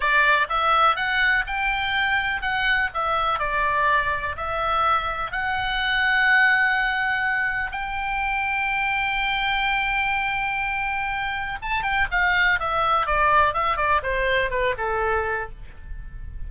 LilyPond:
\new Staff \with { instrumentName = "oboe" } { \time 4/4 \tempo 4 = 124 d''4 e''4 fis''4 g''4~ | g''4 fis''4 e''4 d''4~ | d''4 e''2 fis''4~ | fis''1 |
g''1~ | g''1 | a''8 g''8 f''4 e''4 d''4 | e''8 d''8 c''4 b'8 a'4. | }